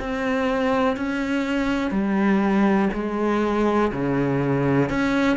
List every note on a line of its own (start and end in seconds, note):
0.00 0.97 C4
0.97 1.91 C#4
1.91 2.89 G3
2.93 3.92 G#3
3.92 4.90 C#3
4.90 5.37 C#4